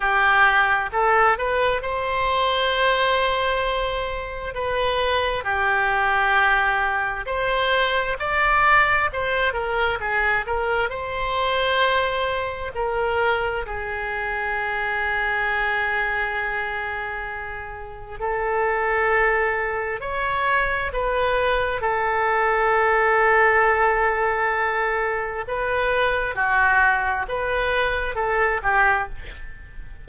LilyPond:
\new Staff \with { instrumentName = "oboe" } { \time 4/4 \tempo 4 = 66 g'4 a'8 b'8 c''2~ | c''4 b'4 g'2 | c''4 d''4 c''8 ais'8 gis'8 ais'8 | c''2 ais'4 gis'4~ |
gis'1 | a'2 cis''4 b'4 | a'1 | b'4 fis'4 b'4 a'8 g'8 | }